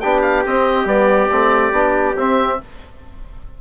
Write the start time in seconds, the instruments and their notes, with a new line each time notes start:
0.00 bassoon B3, trombone D4, trumpet G4, oboe G5
0.22 oboe F5
0.46 bassoon C4, trombone C4, oboe D#5
0.85 bassoon G3, trombone B3, oboe D5
1.32 bassoon A3, trombone C4
1.72 bassoon B3, trombone D4
2.16 bassoon C4, trombone C4, oboe E5